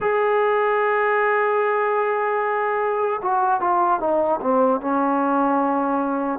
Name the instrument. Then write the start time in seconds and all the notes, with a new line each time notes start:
trombone
0.00 G#4
3.21 F#4
3.60 F4
4.00 D#4
4.41 C4
4.80 C#4